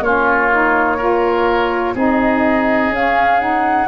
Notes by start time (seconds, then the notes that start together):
0.00 A#3 C#4 F4 C#5
0.51 D#4
0.97 F4 A#4
1.95 C4 D#4 G#4 D#5
2.89 C#4 F5
3.39 D#4 F#5